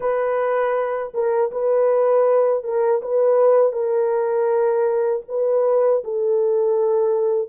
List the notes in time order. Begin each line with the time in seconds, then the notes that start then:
0.00 B4
1.14 A#4
1.51 B4
2.63 A#4
3.02 B4
3.72 A#4
5.28 B4
6.04 A4